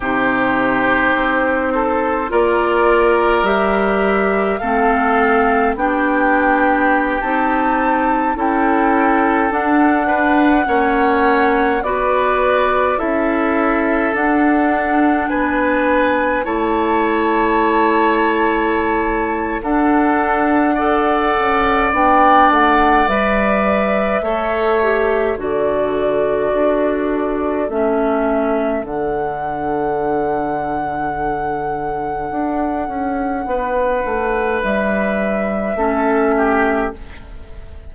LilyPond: <<
  \new Staff \with { instrumentName = "flute" } { \time 4/4 \tempo 4 = 52 c''2 d''4 e''4 | f''4 g''4~ g''16 a''4 g''8.~ | g''16 fis''2 d''4 e''8.~ | e''16 fis''4 gis''4 a''4.~ a''16~ |
a''4 fis''2 g''8 fis''8 | e''2 d''2 | e''4 fis''2.~ | fis''2 e''2 | }
  \new Staff \with { instrumentName = "oboe" } { \time 4/4 g'4. a'8 ais'2 | a'4 g'2~ g'16 a'8.~ | a'8. b'8 cis''4 b'4 a'8.~ | a'4~ a'16 b'4 cis''4.~ cis''16~ |
cis''4 a'4 d''2~ | d''4 cis''4 a'2~ | a'1~ | a'4 b'2 a'8 g'8 | }
  \new Staff \with { instrumentName = "clarinet" } { \time 4/4 dis'2 f'4 g'4 | c'4 d'4~ d'16 dis'4 e'8.~ | e'16 d'4 cis'4 fis'4 e'8.~ | e'16 d'2 e'4.~ e'16~ |
e'4 d'4 a'4 d'4 | b'4 a'8 g'8 fis'2 | cis'4 d'2.~ | d'2. cis'4 | }
  \new Staff \with { instrumentName = "bassoon" } { \time 4/4 c4 c'4 ais4 g4 | a4 b4~ b16 c'4 cis'8.~ | cis'16 d'4 ais4 b4 cis'8.~ | cis'16 d'4 b4 a4.~ a16~ |
a4 d'4. cis'8 b8 a8 | g4 a4 d4 d'4 | a4 d2. | d'8 cis'8 b8 a8 g4 a4 | }
>>